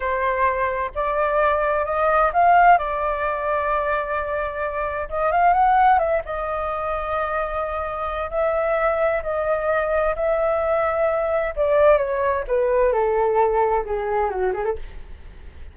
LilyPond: \new Staff \with { instrumentName = "flute" } { \time 4/4 \tempo 4 = 130 c''2 d''2 | dis''4 f''4 d''2~ | d''2. dis''8 f''8 | fis''4 e''8 dis''2~ dis''8~ |
dis''2 e''2 | dis''2 e''2~ | e''4 d''4 cis''4 b'4 | a'2 gis'4 fis'8 gis'16 a'16 | }